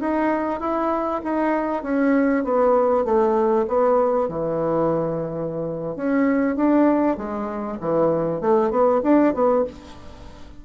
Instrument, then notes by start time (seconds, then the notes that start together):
bassoon
0.00 D#4
0.60 E4
1.23 D#4
1.83 C#4
2.44 B3
3.04 A3
3.68 B3
4.28 E3
5.96 C#4
6.56 D4
7.17 G#3
7.80 E3
8.41 A3
8.70 B3
9.03 D4
9.34 B3